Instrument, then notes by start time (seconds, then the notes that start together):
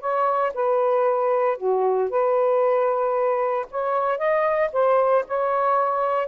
saxophone
0.00 C#5
0.54 B4
1.57 F#4
2.09 B4
3.71 C#5
4.18 D#5
4.72 C5
5.27 C#5